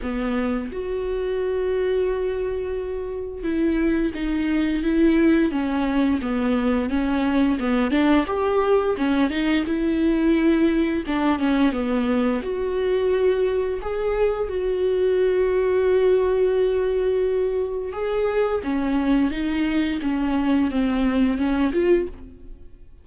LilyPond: \new Staff \with { instrumentName = "viola" } { \time 4/4 \tempo 4 = 87 b4 fis'2.~ | fis'4 e'4 dis'4 e'4 | cis'4 b4 cis'4 b8 d'8 | g'4 cis'8 dis'8 e'2 |
d'8 cis'8 b4 fis'2 | gis'4 fis'2.~ | fis'2 gis'4 cis'4 | dis'4 cis'4 c'4 cis'8 f'8 | }